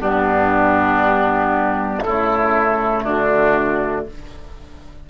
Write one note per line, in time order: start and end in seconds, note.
0.00 2.04 G2
0.00 2.03 B3
0.00 2.04 D4
0.00 2.02 G4
2.02 3.04 C#3
2.02 4.10 A3
2.02 3.04 E4
2.02 3.03 A4
3.04 4.06 D3
3.04 4.05 D4
3.04 4.06 F#4